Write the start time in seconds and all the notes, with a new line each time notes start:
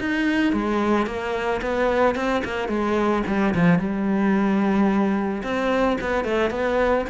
0.00 D#4
0.53 G#3
1.06 A#3
1.62 B3
2.15 C4
2.44 A#3
2.68 G#3
3.27 G3
3.55 F3
3.79 G3
5.43 C4
6.00 B3
6.25 A3
6.50 B3